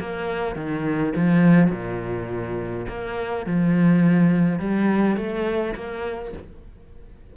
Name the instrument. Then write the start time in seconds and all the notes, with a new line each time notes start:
cello
0.00 A#3
0.56 D#3
1.15 F3
1.71 A#2
2.88 A#3
3.46 F3
4.59 G3
5.17 A3
5.75 A#3